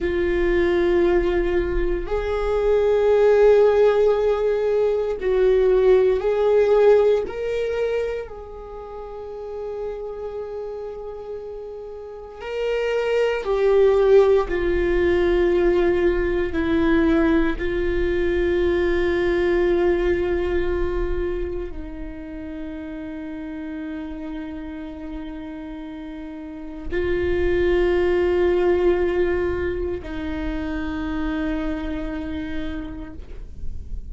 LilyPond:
\new Staff \with { instrumentName = "viola" } { \time 4/4 \tempo 4 = 58 f'2 gis'2~ | gis'4 fis'4 gis'4 ais'4 | gis'1 | ais'4 g'4 f'2 |
e'4 f'2.~ | f'4 dis'2.~ | dis'2 f'2~ | f'4 dis'2. | }